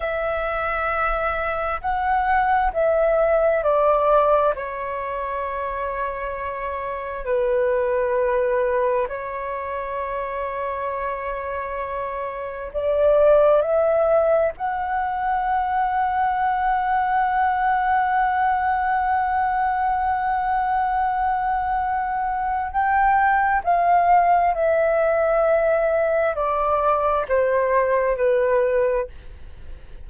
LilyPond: \new Staff \with { instrumentName = "flute" } { \time 4/4 \tempo 4 = 66 e''2 fis''4 e''4 | d''4 cis''2. | b'2 cis''2~ | cis''2 d''4 e''4 |
fis''1~ | fis''1~ | fis''4 g''4 f''4 e''4~ | e''4 d''4 c''4 b'4 | }